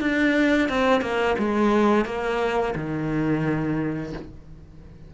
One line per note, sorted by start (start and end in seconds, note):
0.00 0.69 D4
0.69 1.01 C4
1.01 1.35 A#3
1.38 2.05 G#3
2.05 2.74 A#3
2.75 4.13 D#3